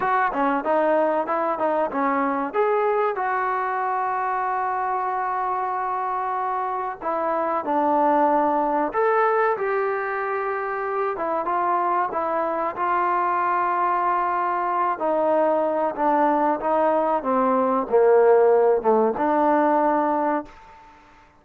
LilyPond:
\new Staff \with { instrumentName = "trombone" } { \time 4/4 \tempo 4 = 94 fis'8 cis'8 dis'4 e'8 dis'8 cis'4 | gis'4 fis'2.~ | fis'2. e'4 | d'2 a'4 g'4~ |
g'4. e'8 f'4 e'4 | f'2.~ f'8 dis'8~ | dis'4 d'4 dis'4 c'4 | ais4. a8 d'2 | }